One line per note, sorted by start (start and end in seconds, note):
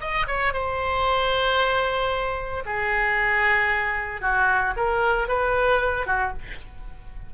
0.00 0.26 D#5
0.27 0.53 C#5
0.53 2.63 C5
2.65 4.21 G#4
4.21 4.73 F#4
4.76 5.28 A#4
5.28 6.06 B4
6.06 6.32 F#4